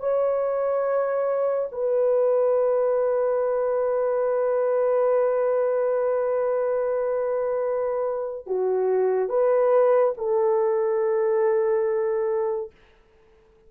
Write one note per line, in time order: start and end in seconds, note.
0.00 1.69 C#5
1.72 8.47 B4
8.47 9.30 F#4
9.30 10.14 B4
10.18 12.71 A4